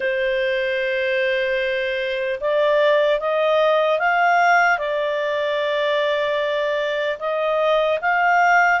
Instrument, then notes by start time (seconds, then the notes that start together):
clarinet
0.00 C5
2.40 D5
3.20 D#5
3.99 F5
4.78 D5
7.19 D#5
8.01 F5